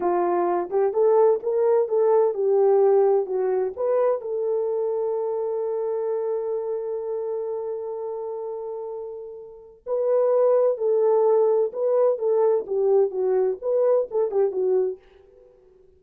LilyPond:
\new Staff \with { instrumentName = "horn" } { \time 4/4 \tempo 4 = 128 f'4. g'8 a'4 ais'4 | a'4 g'2 fis'4 | b'4 a'2.~ | a'1~ |
a'1~ | a'4 b'2 a'4~ | a'4 b'4 a'4 g'4 | fis'4 b'4 a'8 g'8 fis'4 | }